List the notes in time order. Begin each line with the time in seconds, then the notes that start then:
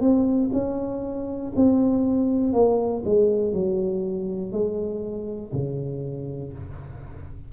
0.00 C4
0.53 C#4
1.55 C4
2.53 A#3
3.05 G#3
3.53 F#3
4.52 G#3
5.52 C#3